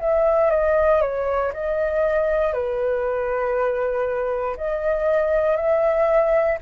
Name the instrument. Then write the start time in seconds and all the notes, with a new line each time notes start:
flute
0.00 E5
0.50 D#5
1.01 C#5
1.54 D#5
2.54 B4
4.57 D#5
5.57 E5